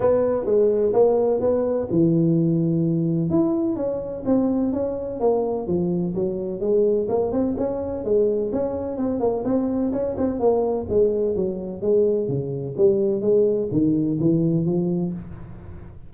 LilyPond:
\new Staff \with { instrumentName = "tuba" } { \time 4/4 \tempo 4 = 127 b4 gis4 ais4 b4 | e2. e'4 | cis'4 c'4 cis'4 ais4 | f4 fis4 gis4 ais8 c'8 |
cis'4 gis4 cis'4 c'8 ais8 | c'4 cis'8 c'8 ais4 gis4 | fis4 gis4 cis4 g4 | gis4 dis4 e4 f4 | }